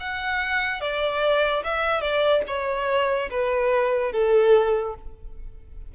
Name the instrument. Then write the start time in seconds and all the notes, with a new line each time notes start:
violin
0.00 F#5
0.81 D5
1.64 E5
2.01 D5
2.47 C#5
3.30 B4
4.12 A4